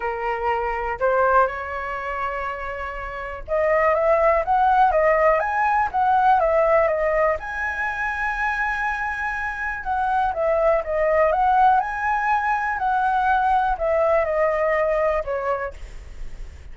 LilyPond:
\new Staff \with { instrumentName = "flute" } { \time 4/4 \tempo 4 = 122 ais'2 c''4 cis''4~ | cis''2. dis''4 | e''4 fis''4 dis''4 gis''4 | fis''4 e''4 dis''4 gis''4~ |
gis''1 | fis''4 e''4 dis''4 fis''4 | gis''2 fis''2 | e''4 dis''2 cis''4 | }